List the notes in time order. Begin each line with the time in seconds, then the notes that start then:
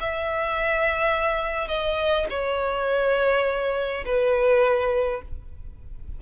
0.00 E5
1.68 D#5
2.30 C#5
4.05 B4